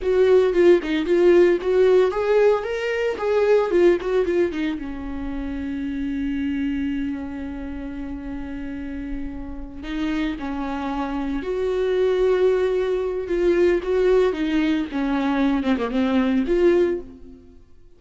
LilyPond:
\new Staff \with { instrumentName = "viola" } { \time 4/4 \tempo 4 = 113 fis'4 f'8 dis'8 f'4 fis'4 | gis'4 ais'4 gis'4 f'8 fis'8 | f'8 dis'8 cis'2.~ | cis'1~ |
cis'2~ cis'8 dis'4 cis'8~ | cis'4. fis'2~ fis'8~ | fis'4 f'4 fis'4 dis'4 | cis'4. c'16 ais16 c'4 f'4 | }